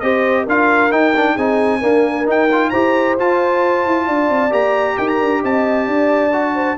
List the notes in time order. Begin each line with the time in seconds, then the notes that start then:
0.00 C4 G4 C5 D#5
0.44 D4 F4 A#4 F5
0.91 D#4 G5
1.16 D4
1.35 C4 D#4 G#4 G#5
1.81 A#3 D4 A#4
2.25 D#4 G5
2.52 F4
2.70 E4 G4 C5 A#5
3.18 F4 A5
3.86 E4
4.07 D4 D5
4.30 C4
4.50 A#3 G4 A#5
4.97 D#4 A#4 G5
5.08 A#5
5.21 D4
5.43 C4 D#5 A5
5.86 D4 D5
6.33 F#4
6.54 C5